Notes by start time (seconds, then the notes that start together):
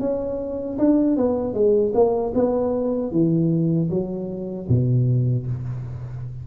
0.00 C#4
0.78 D4
1.17 B3
1.54 G#3
1.94 A#3
2.34 B3
3.11 E3
3.90 F#3
4.69 B2